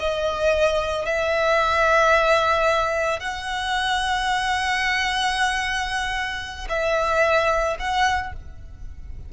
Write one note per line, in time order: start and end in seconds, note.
0.00 1.06 D#5
1.06 3.20 E5
3.20 6.68 F#5
6.69 7.77 E5
7.79 8.33 F#5